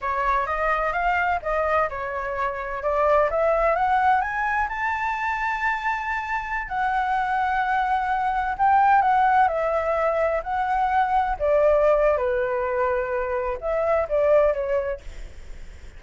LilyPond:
\new Staff \with { instrumentName = "flute" } { \time 4/4 \tempo 4 = 128 cis''4 dis''4 f''4 dis''4 | cis''2 d''4 e''4 | fis''4 gis''4 a''2~ | a''2~ a''16 fis''4.~ fis''16~ |
fis''2~ fis''16 g''4 fis''8.~ | fis''16 e''2 fis''4.~ fis''16~ | fis''16 d''4.~ d''16 b'2~ | b'4 e''4 d''4 cis''4 | }